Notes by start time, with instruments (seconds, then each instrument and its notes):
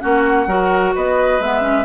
0.00 bassoon A#3, clarinet C#4, oboe F#4, flute F#5
0.47 bassoon F#3, clarinet F#4, oboe A#4
0.94 bassoon B3, oboe B4, flute D#5
1.39 bassoon G#3, clarinet B3, flute E5
1.60 clarinet C#4